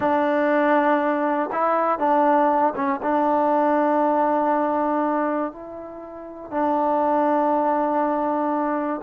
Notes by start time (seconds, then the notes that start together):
0.00 D4
1.52 E4
1.98 D4
2.75 C#4
3.02 D4
5.52 E4
6.50 D4